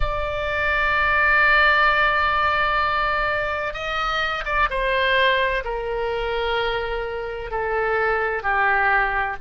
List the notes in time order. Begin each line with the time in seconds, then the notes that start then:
0.00 D5
3.73 D#5
4.45 D5
4.70 C5
5.64 A#4
7.50 A4
8.42 G4